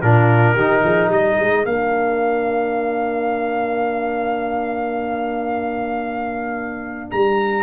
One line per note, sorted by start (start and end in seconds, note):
0.00 0.56 A#2
0.00 0.57 D4
0.00 0.55 F4
0.00 1.10 A#4
0.55 0.83 D#3
0.55 1.65 D#4
0.55 0.82 G4
0.84 1.08 F3
0.84 1.09 G#4
1.08 1.36 G3
1.08 7.62 A#4
1.08 1.65 D#5
1.39 1.65 G#3
1.65 7.10 A#3
1.65 7.62 D4
1.65 7.10 F5
7.10 7.62 G3
7.10 7.62 A#5